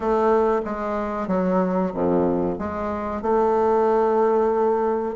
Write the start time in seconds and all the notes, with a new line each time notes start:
0.00 A3
0.64 G#3
1.27 F#3
1.94 F2
2.58 G#3
3.21 A3